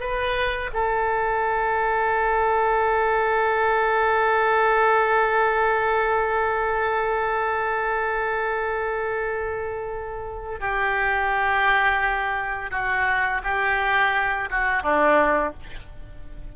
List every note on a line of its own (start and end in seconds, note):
0.00 0.71 B4
0.73 10.60 A4
10.60 12.71 G4
12.71 13.41 F#4
13.43 14.49 G4
14.50 14.83 F#4
14.83 15.53 D4